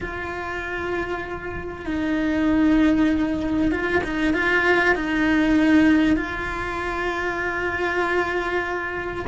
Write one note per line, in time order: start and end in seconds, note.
0.01 1.85 F4
1.85 3.71 D#4
3.71 4.01 F4
4.03 4.33 D#4
4.33 4.95 F4
4.95 6.16 D#4
6.16 9.25 F4